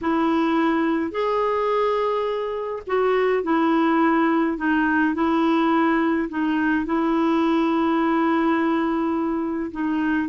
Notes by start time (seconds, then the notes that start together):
0.01 E4
1.11 G#4
2.86 F#4
3.43 E4
4.57 D#4
5.14 E4
6.29 D#4
6.85 E4
9.71 D#4